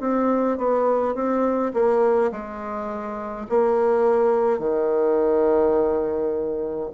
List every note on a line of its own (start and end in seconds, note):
0.00 0.58 C4
0.58 1.15 B3
1.15 1.73 C4
1.74 2.31 A#3
2.32 3.47 G#3
3.49 4.59 A#3
4.59 6.90 D#3